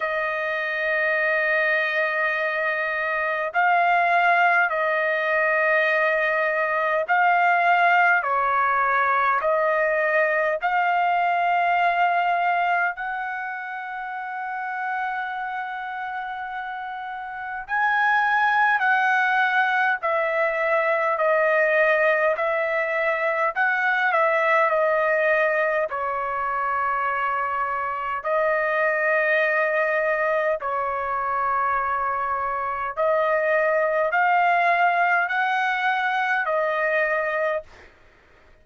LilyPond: \new Staff \with { instrumentName = "trumpet" } { \time 4/4 \tempo 4 = 51 dis''2. f''4 | dis''2 f''4 cis''4 | dis''4 f''2 fis''4~ | fis''2. gis''4 |
fis''4 e''4 dis''4 e''4 | fis''8 e''8 dis''4 cis''2 | dis''2 cis''2 | dis''4 f''4 fis''4 dis''4 | }